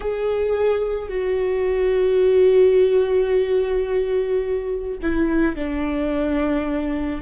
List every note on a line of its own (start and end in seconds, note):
0.00 1.09 G#4
1.09 4.97 F#4
5.02 5.55 E4
5.55 7.21 D4